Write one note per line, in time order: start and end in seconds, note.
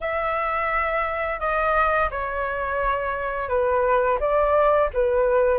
0.01 1.40 E5
1.40 2.09 D#5
2.10 3.49 C#5
3.49 4.18 B4
4.20 4.89 D5
4.93 5.58 B4